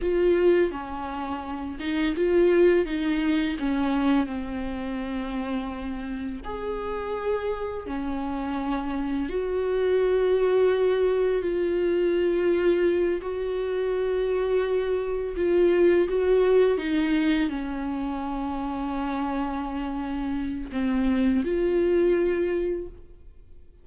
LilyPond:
\new Staff \with { instrumentName = "viola" } { \time 4/4 \tempo 4 = 84 f'4 cis'4. dis'8 f'4 | dis'4 cis'4 c'2~ | c'4 gis'2 cis'4~ | cis'4 fis'2. |
f'2~ f'8 fis'4.~ | fis'4. f'4 fis'4 dis'8~ | dis'8 cis'2.~ cis'8~ | cis'4 c'4 f'2 | }